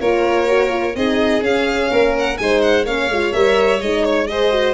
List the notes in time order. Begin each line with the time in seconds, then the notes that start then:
0.00 A#3 F4 A#4 C#5
0.48 F#4
0.70 F4
0.96 C4 D#4 G#4 D#5
1.41 C#4 F5
1.91 A#3 A#4
2.19 F#5
2.38 G#3 D#4 C5 G#5
2.62 F#5
2.85 A#3 C#4 C#5 F5
3.10 G#3 F4
3.32 G3 A#4 E5
3.81 G#3 D#4 D#5
4.05 C#5
4.28 G#4 C5 D#5
4.52 F#4